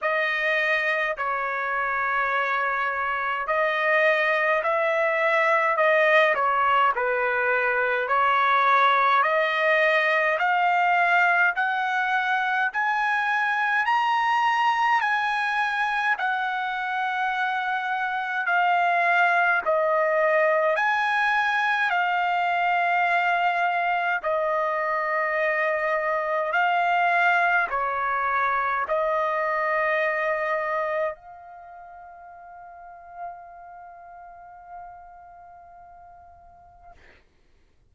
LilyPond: \new Staff \with { instrumentName = "trumpet" } { \time 4/4 \tempo 4 = 52 dis''4 cis''2 dis''4 | e''4 dis''8 cis''8 b'4 cis''4 | dis''4 f''4 fis''4 gis''4 | ais''4 gis''4 fis''2 |
f''4 dis''4 gis''4 f''4~ | f''4 dis''2 f''4 | cis''4 dis''2 f''4~ | f''1 | }